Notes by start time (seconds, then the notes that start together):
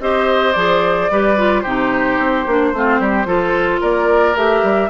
0.00 C4 G4 C5 D#5
0.52 F3 G#4 D5
1.10 G3 G4 B4
1.37 F4
1.60 C3 D#4 G4 C5
2.18 C4
2.46 A#3 D4
2.72 A3 C4 F4
2.99 G3 G4
3.25 F3 F4 A4
3.81 A#3 A#4 D5
4.35 A3 G4 E5
4.62 G3